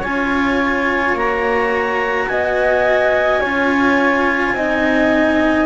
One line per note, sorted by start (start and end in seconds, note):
0.00 1.14 C#4
0.00 1.17 F4
0.00 2.26 C#5
0.00 1.17 G#5
1.14 2.27 A#3
1.14 3.43 F#4
1.14 2.28 A#5
2.28 3.41 B3
2.28 3.40 D#5
2.28 5.66 G#5
3.40 4.52 C#4
3.40 4.57 F4
3.40 4.54 C#5
4.52 5.66 C4
4.52 5.66 D#4
4.52 5.66 D#5